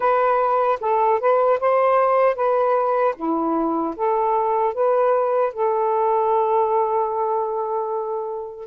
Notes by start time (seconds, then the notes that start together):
0.00 B4
0.80 A4
1.19 B4
1.60 C5
2.35 B4
3.16 E4
3.96 A4
4.74 B4
5.53 A4